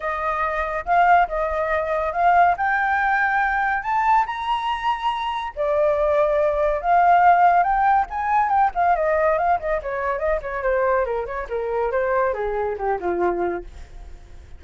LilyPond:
\new Staff \with { instrumentName = "flute" } { \time 4/4 \tempo 4 = 141 dis''2 f''4 dis''4~ | dis''4 f''4 g''2~ | g''4 a''4 ais''2~ | ais''4 d''2. |
f''2 g''4 gis''4 | g''8 f''8 dis''4 f''8 dis''8 cis''4 | dis''8 cis''8 c''4 ais'8 cis''8 ais'4 | c''4 gis'4 g'8 f'4. | }